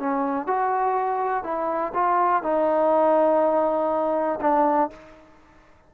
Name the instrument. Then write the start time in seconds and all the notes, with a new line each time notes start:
trombone
0.00 C#4
0.47 F#4
1.44 E4
1.95 F4
2.43 D#4
4.41 D4